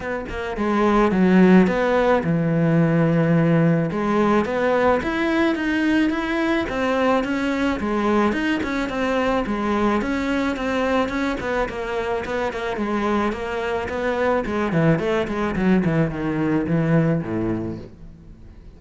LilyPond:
\new Staff \with { instrumentName = "cello" } { \time 4/4 \tempo 4 = 108 b8 ais8 gis4 fis4 b4 | e2. gis4 | b4 e'4 dis'4 e'4 | c'4 cis'4 gis4 dis'8 cis'8 |
c'4 gis4 cis'4 c'4 | cis'8 b8 ais4 b8 ais8 gis4 | ais4 b4 gis8 e8 a8 gis8 | fis8 e8 dis4 e4 a,4 | }